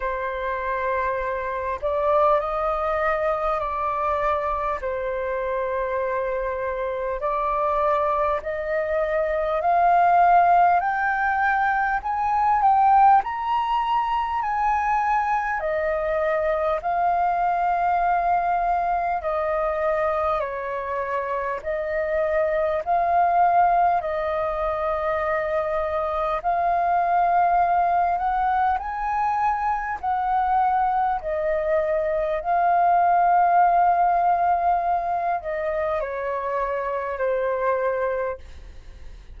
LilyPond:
\new Staff \with { instrumentName = "flute" } { \time 4/4 \tempo 4 = 50 c''4. d''8 dis''4 d''4 | c''2 d''4 dis''4 | f''4 g''4 gis''8 g''8 ais''4 | gis''4 dis''4 f''2 |
dis''4 cis''4 dis''4 f''4 | dis''2 f''4. fis''8 | gis''4 fis''4 dis''4 f''4~ | f''4. dis''8 cis''4 c''4 | }